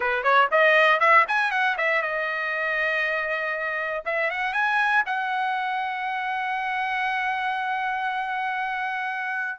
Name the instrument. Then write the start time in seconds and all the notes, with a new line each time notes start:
trumpet
0.00 B4
0.23 C#5
0.51 D#5
0.99 E5
1.28 G#5
1.51 F#5
1.77 E5
2.02 D#5
4.05 E5
4.30 F#5
4.53 G#5
5.06 F#5